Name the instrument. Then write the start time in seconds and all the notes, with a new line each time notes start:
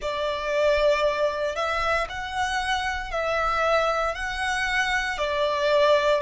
violin
0.01 D5
1.55 E5
2.09 F#5
3.11 E5
4.14 F#5
5.18 D5